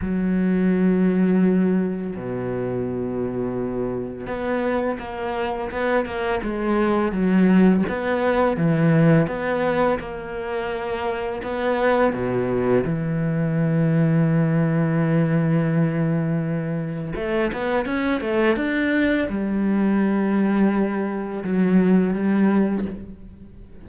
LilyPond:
\new Staff \with { instrumentName = "cello" } { \time 4/4 \tempo 4 = 84 fis2. b,4~ | b,2 b4 ais4 | b8 ais8 gis4 fis4 b4 | e4 b4 ais2 |
b4 b,4 e2~ | e1 | a8 b8 cis'8 a8 d'4 g4~ | g2 fis4 g4 | }